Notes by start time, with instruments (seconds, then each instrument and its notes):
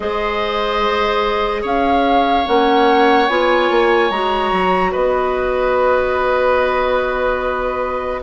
0.00 bassoon G#3, clarinet G#4, oboe C5, flute D#5
1.61 bassoon C#4, oboe C#5, flute F5
2.45 bassoon A#3, clarinet C#4, flute F#5
3.28 bassoon B3, clarinet F4, flute G#5
3.70 bassoon A#3
4.10 bassoon G#3, clarinet F#4, flute A#5
4.52 bassoon F#3
4.91 bassoon B3, oboe B4, flute D#5